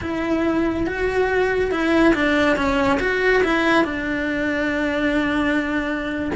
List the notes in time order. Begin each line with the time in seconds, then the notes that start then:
0.01 E4
0.86 F#4
1.71 E4
2.14 D4
2.56 C#4
3.00 F#4
3.43 E4
3.84 D4